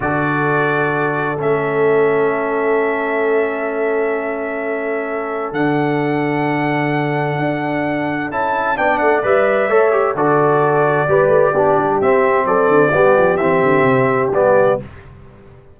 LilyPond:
<<
  \new Staff \with { instrumentName = "trumpet" } { \time 4/4 \tempo 4 = 130 d''2. e''4~ | e''1~ | e''1 | fis''1~ |
fis''2 a''4 g''8 fis''8 | e''2 d''2~ | d''2 e''4 d''4~ | d''4 e''2 d''4 | }
  \new Staff \with { instrumentName = "horn" } { \time 4/4 a'1~ | a'1~ | a'1~ | a'1~ |
a'2. d''4~ | d''4 cis''4 a'2 | b'4 g'2 a'4 | g'1 | }
  \new Staff \with { instrumentName = "trombone" } { \time 4/4 fis'2. cis'4~ | cis'1~ | cis'1 | d'1~ |
d'2 e'4 d'4 | b'4 a'8 g'8 fis'2 | g'4 d'4 c'2 | b4 c'2 b4 | }
  \new Staff \with { instrumentName = "tuba" } { \time 4/4 d2. a4~ | a1~ | a1 | d1 |
d'2 cis'4 b8 a8 | g4 a4 d2 | g8 a8 b8 g8 c'4 fis8 d8 | g8 f8 e8 d8 c4 g4 | }
>>